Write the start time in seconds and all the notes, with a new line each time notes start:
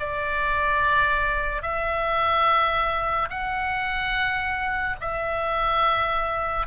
0.00 D5
1.62 E5
3.30 F#5
5.01 E5